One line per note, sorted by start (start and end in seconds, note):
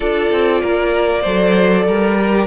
0.00 0.31 D4
0.00 1.24 F4
0.00 0.61 A4
0.00 2.46 D5
0.31 0.62 C4
0.61 1.25 A#3
0.61 1.21 A#4
1.21 1.87 F#3
1.21 2.18 A4
1.21 1.83 C5
1.87 2.46 G3
1.87 2.46 A#4
2.18 2.46 G4